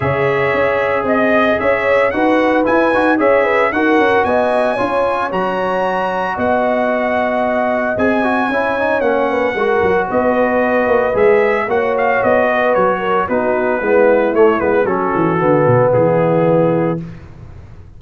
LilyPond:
<<
  \new Staff \with { instrumentName = "trumpet" } { \time 4/4 \tempo 4 = 113 e''2 dis''4 e''4 | fis''4 gis''4 e''4 fis''4 | gis''2 ais''2 | fis''2. gis''4~ |
gis''4 fis''2 dis''4~ | dis''4 e''4 fis''8 f''8 dis''4 | cis''4 b'2 cis''8 b'8 | a'2 gis'2 | }
  \new Staff \with { instrumentName = "horn" } { \time 4/4 cis''2 dis''4 cis''4 | b'2 cis''8 b'8 ais'4 | dis''4 cis''2. | dis''1 |
cis''4. b'8 ais'4 b'4~ | b'2 cis''4. b'8~ | b'8 ais'8 fis'4 e'2 | fis'2 e'2 | }
  \new Staff \with { instrumentName = "trombone" } { \time 4/4 gis'1 | fis'4 e'8 fis'8 gis'4 fis'4~ | fis'4 f'4 fis'2~ | fis'2. gis'8 fis'8 |
e'8 dis'8 cis'4 fis'2~ | fis'4 gis'4 fis'2~ | fis'4 dis'4 b4 a8 b8 | cis'4 b2. | }
  \new Staff \with { instrumentName = "tuba" } { \time 4/4 cis4 cis'4 c'4 cis'4 | dis'4 e'8 dis'8 cis'4 dis'8 cis'8 | b4 cis'4 fis2 | b2. c'4 |
cis'4 ais4 gis8 fis8 b4~ | b8 ais8 gis4 ais4 b4 | fis4 b4 gis4 a8 gis8 | fis8 e8 d8 b,8 e2 | }
>>